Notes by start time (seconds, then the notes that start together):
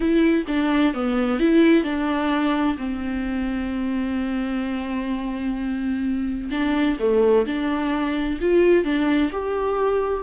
0.00 E4
0.47 D4
0.94 B3
1.39 E4
1.83 D4
2.77 C4
6.50 D4
6.99 A3
7.46 D4
8.40 F4
8.84 D4
9.31 G4